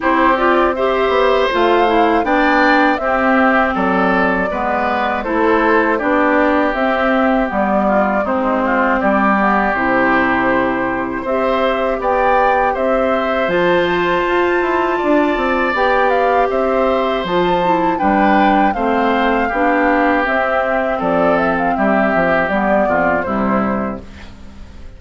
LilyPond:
<<
  \new Staff \with { instrumentName = "flute" } { \time 4/4 \tempo 4 = 80 c''8 d''8 e''4 f''4 g''4 | e''4 d''2 c''4 | d''4 e''4 d''4 c''4 | d''4 c''2 e''4 |
g''4 e''4 a''2~ | a''4 g''8 f''8 e''4 a''4 | g''4 f''2 e''4 | d''8 e''16 f''16 e''4 d''4 c''4 | }
  \new Staff \with { instrumentName = "oboe" } { \time 4/4 g'4 c''2 d''4 | g'4 a'4 b'4 a'4 | g'2~ g'8 f'8 dis'8 f'8 | g'2. c''4 |
d''4 c''2. | d''2 c''2 | b'4 c''4 g'2 | a'4 g'4. f'8 e'4 | }
  \new Staff \with { instrumentName = "clarinet" } { \time 4/4 e'8 f'8 g'4 f'8 e'8 d'4 | c'2 b4 e'4 | d'4 c'4 b4 c'4~ | c'8 b8 e'2 g'4~ |
g'2 f'2~ | f'4 g'2 f'8 e'8 | d'4 c'4 d'4 c'4~ | c'2 b4 g4 | }
  \new Staff \with { instrumentName = "bassoon" } { \time 4/4 c'4. b8 a4 b4 | c'4 fis4 gis4 a4 | b4 c'4 g4 gis4 | g4 c2 c'4 |
b4 c'4 f4 f'8 e'8 | d'8 c'8 b4 c'4 f4 | g4 a4 b4 c'4 | f4 g8 f8 g8 f,8 c4 | }
>>